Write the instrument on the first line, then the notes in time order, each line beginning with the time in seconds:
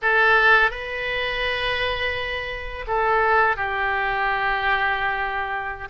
oboe
0.02 A4
0.70 B4
2.87 A4
3.56 G4